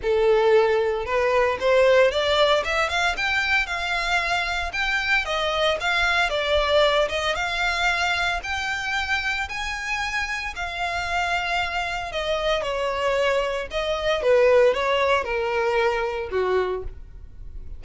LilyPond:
\new Staff \with { instrumentName = "violin" } { \time 4/4 \tempo 4 = 114 a'2 b'4 c''4 | d''4 e''8 f''8 g''4 f''4~ | f''4 g''4 dis''4 f''4 | d''4. dis''8 f''2 |
g''2 gis''2 | f''2. dis''4 | cis''2 dis''4 b'4 | cis''4 ais'2 fis'4 | }